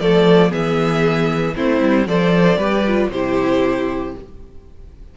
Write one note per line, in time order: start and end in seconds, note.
0.00 0.53 F3
0.00 0.49 A3
0.00 0.51 A4
0.00 0.52 D5
0.49 1.57 E3
0.49 1.53 B3
0.49 1.54 G#4
0.49 1.56 E5
1.56 1.81 A3
1.56 2.07 C4
1.56 2.08 E4
1.56 2.08 C5
1.81 2.07 G3
2.07 2.57 F3
2.07 2.59 A4
2.07 2.59 C5
2.07 3.11 D5
2.57 3.09 G3
2.57 2.86 G4
2.57 3.10 B4
2.87 3.13 F4
3.11 4.14 C3
3.11 4.17 E4
3.11 4.16 G4
3.11 4.15 C5